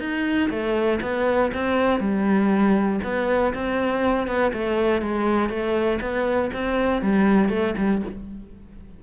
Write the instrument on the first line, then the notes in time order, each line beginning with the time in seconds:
cello
0.00 D#4
0.50 A3
1.02 B3
1.54 C4
2.00 G3
3.04 B3
3.54 C4
4.27 B3
4.53 A3
5.02 G#3
5.50 A3
6.01 B3
6.53 C4
7.02 G3
7.50 A3
7.78 G3